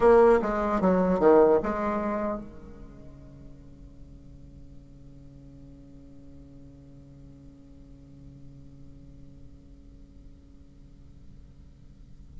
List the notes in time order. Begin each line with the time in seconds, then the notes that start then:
0.00 A#3
0.41 G#3
0.80 F#3
1.19 D#3
1.62 G#3
2.40 C#3